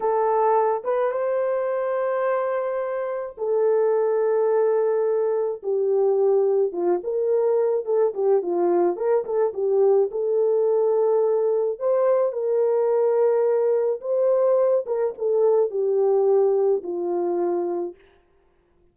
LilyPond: \new Staff \with { instrumentName = "horn" } { \time 4/4 \tempo 4 = 107 a'4. b'8 c''2~ | c''2 a'2~ | a'2 g'2 | f'8 ais'4. a'8 g'8 f'4 |
ais'8 a'8 g'4 a'2~ | a'4 c''4 ais'2~ | ais'4 c''4. ais'8 a'4 | g'2 f'2 | }